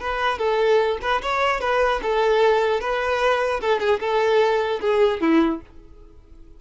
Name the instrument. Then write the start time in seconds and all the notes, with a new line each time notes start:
violin
0.00 B4
0.38 A4
1.01 B4
1.22 C#5
1.60 B4
2.02 A4
2.80 B4
3.61 A4
3.79 G#4
4.00 A4
4.81 G#4
5.21 E4